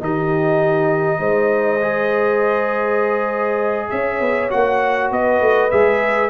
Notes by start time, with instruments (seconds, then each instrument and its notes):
0.00 tuba D#3, trombone D#4, horn G4, trumpet D#5
1.19 tuba G#3, horn C5
1.81 trombone G#4
3.90 tuba C#4, horn C#5, trumpet E5
4.20 tuba B3
4.50 tuba A#3, trombone F#4, trumpet F#5
5.11 tuba B3, horn B4, trumpet D#5
5.40 tuba A3
5.70 tuba G#3, trombone G#4, trumpet E5